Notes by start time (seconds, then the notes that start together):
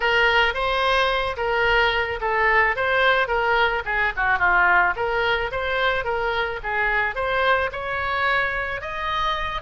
0.00 A#4
0.54 C5
1.36 A#4
2.20 A4
2.75 C5
3.27 A#4
3.85 G#4
4.16 F#4
4.39 F4
4.95 A#4
5.51 C5
6.04 A#4
6.63 G#4
7.15 C5
7.71 C#5
8.81 D#5